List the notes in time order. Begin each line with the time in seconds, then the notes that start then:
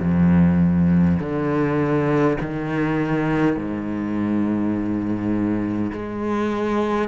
0.00 F2
1.20 D3
2.41 D#3
3.57 G#2
5.93 G#3